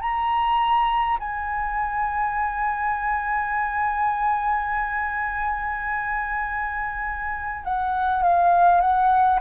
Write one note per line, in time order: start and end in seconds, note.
0.00 1.18 A#5
1.19 7.64 G#5
7.64 8.22 F#5
8.22 8.80 F5
8.80 9.39 F#5